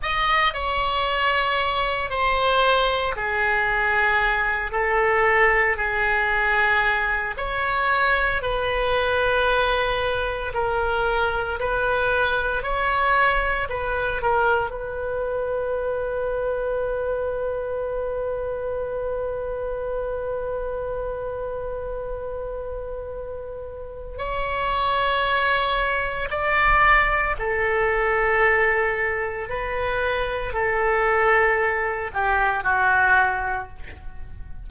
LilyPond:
\new Staff \with { instrumentName = "oboe" } { \time 4/4 \tempo 4 = 57 dis''8 cis''4. c''4 gis'4~ | gis'8 a'4 gis'4. cis''4 | b'2 ais'4 b'4 | cis''4 b'8 ais'8 b'2~ |
b'1~ | b'2. cis''4~ | cis''4 d''4 a'2 | b'4 a'4. g'8 fis'4 | }